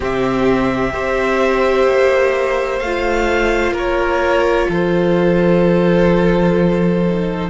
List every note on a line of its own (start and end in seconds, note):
0.00 0.93 C3
0.00 0.92 C4
0.00 0.93 G4
0.00 2.79 E5
0.92 1.86 C4
0.92 2.79 G4
0.92 3.72 C5
1.86 2.80 A#3
2.79 3.71 A3
2.79 3.73 F5
2.85 7.06 F4
3.71 4.65 A#3
3.71 4.66 A#4
3.77 4.71 C#5
4.69 7.49 F3
4.69 7.49 A4
4.69 7.49 C5
7.06 7.49 D#4